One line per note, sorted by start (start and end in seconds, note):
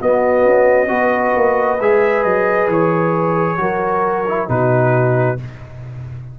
0.00 0.88 B3
0.00 0.45 B3
0.00 0.90 F#4
0.00 1.81 D#5
0.45 0.90 C#4
0.88 1.35 B3
0.88 1.78 F#4
0.88 3.60 B4
1.36 1.80 A#3
1.80 2.25 G#3
1.80 3.57 G#4
1.80 2.24 E5
2.24 2.68 F#3
2.24 2.68 D#5
2.68 3.57 E3
2.68 4.49 C#5
3.57 4.48 F#3
3.57 4.25 F#4
3.57 4.50 A#4
4.28 4.48 E4
4.48 5.39 B2
4.48 5.37 D#4
4.48 5.39 F#4
4.48 5.39 B4